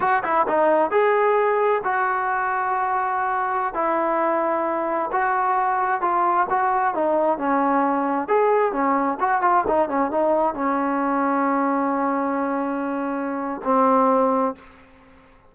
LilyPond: \new Staff \with { instrumentName = "trombone" } { \time 4/4 \tempo 4 = 132 fis'8 e'8 dis'4 gis'2 | fis'1~ | fis'16 e'2. fis'8.~ | fis'4~ fis'16 f'4 fis'4 dis'8.~ |
dis'16 cis'2 gis'4 cis'8.~ | cis'16 fis'8 f'8 dis'8 cis'8 dis'4 cis'8.~ | cis'1~ | cis'2 c'2 | }